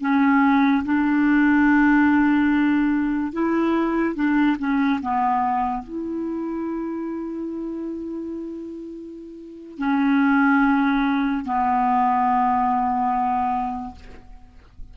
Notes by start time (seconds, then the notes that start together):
0.00 C#4
0.84 D4
3.33 E4
4.15 D4
4.58 C#4
5.02 B3
5.83 E4
9.78 C#4
11.45 B3